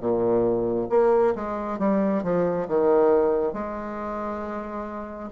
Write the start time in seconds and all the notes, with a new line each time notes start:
0.00 A#2
0.90 A#3
1.35 G#3
1.79 G3
2.23 F3
2.68 D#3
3.53 G#3